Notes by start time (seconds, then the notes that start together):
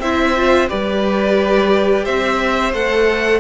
0.00 C4 E4 C5 E5
0.37 F4
0.69 G3 G4 B4 D5
2.05 C4 C5 E5
2.74 A3 A4 F#5